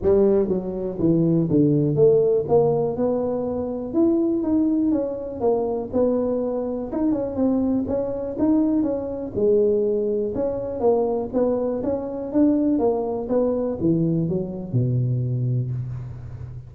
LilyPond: \new Staff \with { instrumentName = "tuba" } { \time 4/4 \tempo 4 = 122 g4 fis4 e4 d4 | a4 ais4 b2 | e'4 dis'4 cis'4 ais4 | b2 dis'8 cis'8 c'4 |
cis'4 dis'4 cis'4 gis4~ | gis4 cis'4 ais4 b4 | cis'4 d'4 ais4 b4 | e4 fis4 b,2 | }